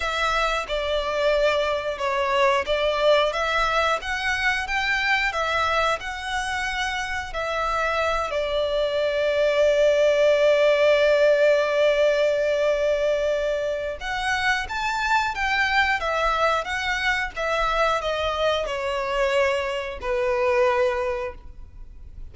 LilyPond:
\new Staff \with { instrumentName = "violin" } { \time 4/4 \tempo 4 = 90 e''4 d''2 cis''4 | d''4 e''4 fis''4 g''4 | e''4 fis''2 e''4~ | e''8 d''2.~ d''8~ |
d''1~ | d''4 fis''4 a''4 g''4 | e''4 fis''4 e''4 dis''4 | cis''2 b'2 | }